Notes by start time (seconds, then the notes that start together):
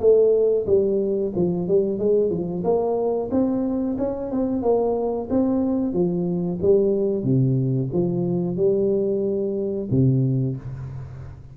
0.00 A3
0.67 G3
1.35 F3
1.68 G3
1.99 G#3
2.30 F3
2.64 A#3
3.31 C4
3.98 C#4
4.32 C4
4.62 A#3
5.30 C4
5.93 F3
6.62 G3
7.24 C3
7.93 F3
8.57 G3
9.91 C3